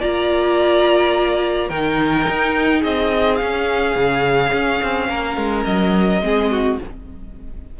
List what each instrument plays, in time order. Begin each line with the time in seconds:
0.00 cello A#3, viola F4, violin D5 A#5
1.69 cello D#3, viola D#4, violin A#4 G5
2.29 cello D#4
2.81 cello C4, violin G#4 D#5
3.36 viola C#4, cello C#4, violin F5
3.96 cello C#3
4.53 cello C#4
4.83 cello C4
5.09 cello A#3, violin A#4
5.37 cello G#3
5.65 cello F#3, violin D#5
6.22 cello G#3, viola C4, violin G#4
6.52 violin F#4